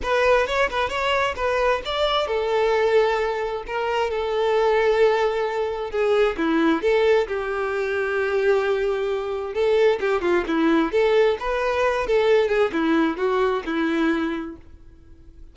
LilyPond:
\new Staff \with { instrumentName = "violin" } { \time 4/4 \tempo 4 = 132 b'4 cis''8 b'8 cis''4 b'4 | d''4 a'2. | ais'4 a'2.~ | a'4 gis'4 e'4 a'4 |
g'1~ | g'4 a'4 g'8 f'8 e'4 | a'4 b'4. a'4 gis'8 | e'4 fis'4 e'2 | }